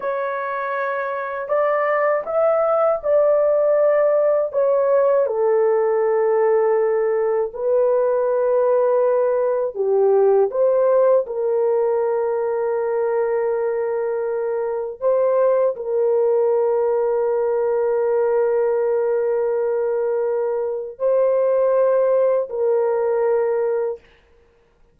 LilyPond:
\new Staff \with { instrumentName = "horn" } { \time 4/4 \tempo 4 = 80 cis''2 d''4 e''4 | d''2 cis''4 a'4~ | a'2 b'2~ | b'4 g'4 c''4 ais'4~ |
ais'1 | c''4 ais'2.~ | ais'1 | c''2 ais'2 | }